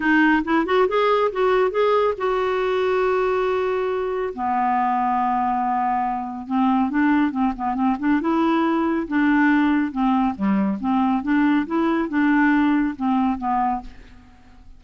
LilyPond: \new Staff \with { instrumentName = "clarinet" } { \time 4/4 \tempo 4 = 139 dis'4 e'8 fis'8 gis'4 fis'4 | gis'4 fis'2.~ | fis'2 b2~ | b2. c'4 |
d'4 c'8 b8 c'8 d'8 e'4~ | e'4 d'2 c'4 | g4 c'4 d'4 e'4 | d'2 c'4 b4 | }